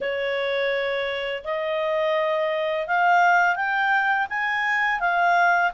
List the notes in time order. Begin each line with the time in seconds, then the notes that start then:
0.00 C#5
1.44 D#5
2.87 F5
3.55 G5
4.29 G#5
5.00 F5